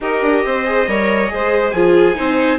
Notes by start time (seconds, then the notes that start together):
0.00 D#4 G4 A#4 D#5
0.22 D4
0.45 C4 C5
0.65 G#4
0.87 G3 A#4 C#5
1.28 G#3 G#4 C5
1.70 F3 F4 G#4 G#5
2.14 C4 D#4 C5